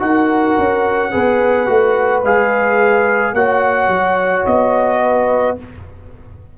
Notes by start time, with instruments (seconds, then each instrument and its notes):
0.00 tuba D#4, trombone F#4, horn A#4, trumpet F#5
0.59 tuba C#4
1.12 tuba B3, trombone G#4, horn B4
1.67 tuba A3, trombone F#4
2.24 tuba G#3, trombone G#4, trumpet F5
3.33 tuba A#3, trombone F#4, horn C#5, trumpet F#5
3.88 tuba F#3
4.47 tuba B3, trumpet D#5
5.03 horn B4